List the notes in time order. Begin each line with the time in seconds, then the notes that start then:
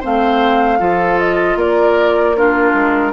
0.00 A3 C4 C5 F5
0.79 F3 F4 A4
1.19 D#5
1.55 A#3 A#4 D5
2.36 D4 F4 A#4
2.74 G#3